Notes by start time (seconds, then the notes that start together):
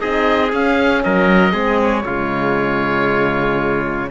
0.00 C4 D#4 G#4 D#5
0.53 C#4 F5
1.04 F#3 A#4 D#5
1.52 G#3 C4 G#4
1.84 C#5
2.06 C#3 G#3 F4